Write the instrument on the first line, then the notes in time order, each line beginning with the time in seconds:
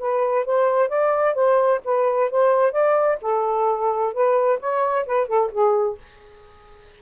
saxophone
0.00 B4
0.46 C5
0.89 D5
1.35 C5
1.85 B4
2.31 C5
2.72 D5
3.22 A4
4.14 B4
4.60 C#5
5.07 B4
5.28 A4
5.52 G#4